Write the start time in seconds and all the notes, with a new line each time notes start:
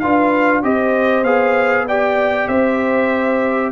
0.00 D4 F4 B4 F5
0.63 C4 G4 C5 D#5
1.23 B3 G#4 F5
1.87 G4 D5 G5
2.48 C4 C5 E5